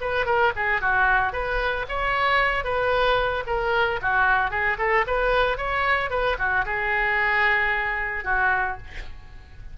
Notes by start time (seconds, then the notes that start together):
0.00 B4
0.25 A#4
0.56 G#4
0.81 F#4
1.32 B4
1.88 C#5
2.64 B4
3.46 A#4
4.01 F#4
4.50 G#4
4.78 A4
5.06 B4
5.57 C#5
6.10 B4
6.38 F#4
6.65 G#4
8.24 F#4